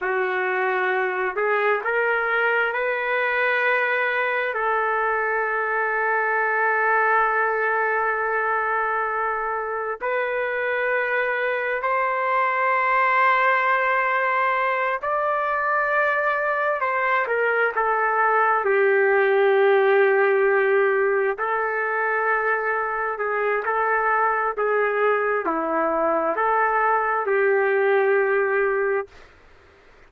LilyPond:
\new Staff \with { instrumentName = "trumpet" } { \time 4/4 \tempo 4 = 66 fis'4. gis'8 ais'4 b'4~ | b'4 a'2.~ | a'2. b'4~ | b'4 c''2.~ |
c''8 d''2 c''8 ais'8 a'8~ | a'8 g'2. a'8~ | a'4. gis'8 a'4 gis'4 | e'4 a'4 g'2 | }